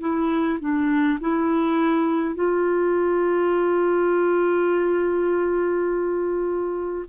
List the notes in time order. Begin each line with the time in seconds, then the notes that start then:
0.00 E4
0.60 D4
1.20 E4
2.35 F4